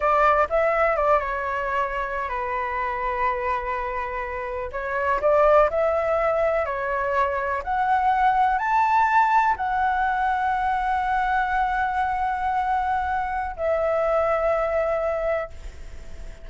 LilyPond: \new Staff \with { instrumentName = "flute" } { \time 4/4 \tempo 4 = 124 d''4 e''4 d''8 cis''4.~ | cis''8. b'2.~ b'16~ | b'4.~ b'16 cis''4 d''4 e''16~ | e''4.~ e''16 cis''2 fis''16~ |
fis''4.~ fis''16 a''2 fis''16~ | fis''1~ | fis''1 | e''1 | }